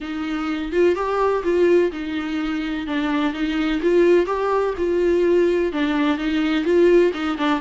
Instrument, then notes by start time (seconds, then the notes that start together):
viola
0.01 D#4
0.71 F4
0.95 G4
1.43 F4
1.92 D#4
2.86 D4
3.33 D#4
3.82 F4
4.26 G4
4.77 F4
5.72 D4
6.17 D#4
6.64 F4
7.13 D#4
7.37 D4